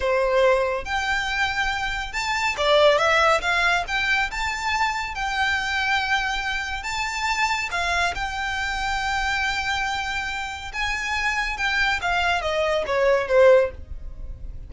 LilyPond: \new Staff \with { instrumentName = "violin" } { \time 4/4 \tempo 4 = 140 c''2 g''2~ | g''4 a''4 d''4 e''4 | f''4 g''4 a''2 | g''1 |
a''2 f''4 g''4~ | g''1~ | g''4 gis''2 g''4 | f''4 dis''4 cis''4 c''4 | }